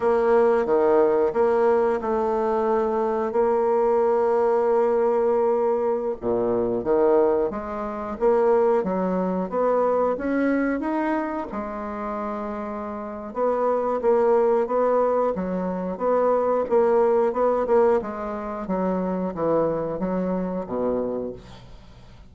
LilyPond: \new Staff \with { instrumentName = "bassoon" } { \time 4/4 \tempo 4 = 90 ais4 dis4 ais4 a4~ | a4 ais2.~ | ais4~ ais16 ais,4 dis4 gis8.~ | gis16 ais4 fis4 b4 cis'8.~ |
cis'16 dis'4 gis2~ gis8. | b4 ais4 b4 fis4 | b4 ais4 b8 ais8 gis4 | fis4 e4 fis4 b,4 | }